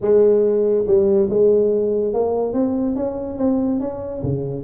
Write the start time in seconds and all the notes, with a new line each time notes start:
0.01 G#3
0.87 G3
1.29 G#3
2.13 A#3
2.53 C4
2.95 C#4
3.38 C4
3.80 C#4
4.22 C#3